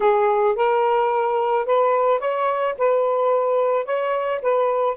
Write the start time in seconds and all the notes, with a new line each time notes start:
0.00 G#4
0.55 A#4
1.65 B4
2.19 C#5
2.77 B4
3.85 C#5
4.42 B4